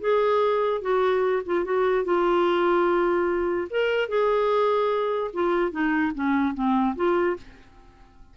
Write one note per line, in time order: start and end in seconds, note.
0.00 0.81 G#4
0.81 1.42 F#4
1.45 1.64 F4
1.64 2.04 F#4
2.04 3.68 F4
3.70 4.08 A#4
4.08 5.31 G#4
5.33 5.71 F4
5.71 6.12 D#4
6.14 6.54 C#4
6.54 6.95 C4
6.95 7.36 F4